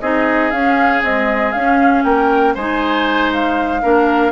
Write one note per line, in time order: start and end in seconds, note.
0.00 0.52 C4
0.00 0.53 D#4
0.00 2.04 G#4
0.00 0.51 D#5
0.51 1.03 C#4
0.51 1.04 C#4
0.51 1.02 F5
1.03 1.55 G#3
1.03 1.53 C4
1.03 1.52 D#5
1.52 2.04 C#4
1.52 2.57 C#4
1.52 2.03 F5
2.03 2.55 A#3
2.03 2.54 A#4
2.03 2.54 G5
2.54 3.83 G#3
2.54 3.82 D#4
2.54 3.81 C5
2.54 3.32 G#5
3.32 4.32 F5
3.82 4.32 A#3
3.82 4.32 D4
3.82 4.32 A#4